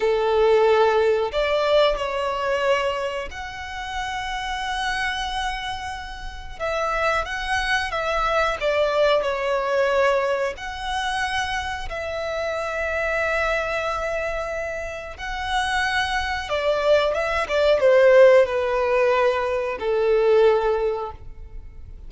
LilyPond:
\new Staff \with { instrumentName = "violin" } { \time 4/4 \tempo 4 = 91 a'2 d''4 cis''4~ | cis''4 fis''2.~ | fis''2 e''4 fis''4 | e''4 d''4 cis''2 |
fis''2 e''2~ | e''2. fis''4~ | fis''4 d''4 e''8 d''8 c''4 | b'2 a'2 | }